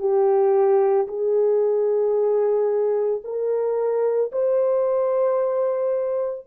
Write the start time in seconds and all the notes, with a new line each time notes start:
0.00 G4
1.08 G#4
3.24 A#4
4.32 C5